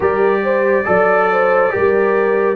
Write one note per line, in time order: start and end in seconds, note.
0.00 0.84 G3
0.00 0.84 G4
0.00 0.42 A#4
0.00 2.56 D5
0.43 0.86 C5
0.84 1.73 F#3
0.84 1.70 A4
0.84 1.29 D5
1.31 1.72 C5
1.70 2.56 G3
1.70 2.56 G4
1.70 2.56 A#4